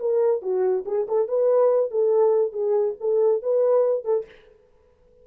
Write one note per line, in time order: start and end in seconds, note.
0.00 0.42 A#4
0.42 0.85 F#4
0.86 1.07 G#4
1.09 1.29 A4
1.29 1.91 B4
1.91 2.53 A4
2.53 2.96 G#4
3.01 3.43 A4
3.43 4.05 B4
4.05 4.26 A4